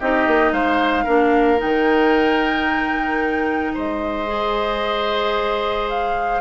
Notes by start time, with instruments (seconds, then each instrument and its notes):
0.00 bassoon C4, clarinet D#4, oboe G4, flute D#5
0.27 bassoon A#3
0.51 bassoon G#3, oboe C5, flute F5
1.04 bassoon A#3, clarinet D4, oboe A#4
1.57 clarinet D#4, flute G5
1.64 bassoon D#3
3.74 bassoon G#3, oboe C5, flute D#5
4.27 clarinet G#4
5.89 flute F5